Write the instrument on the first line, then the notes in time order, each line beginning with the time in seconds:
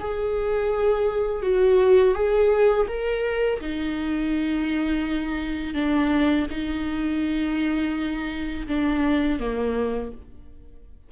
viola
0.00 G#4
1.42 F#4
2.15 G#4
2.88 A#4
3.61 D#4
5.74 D4
6.50 D#4
8.68 D4
9.39 A#3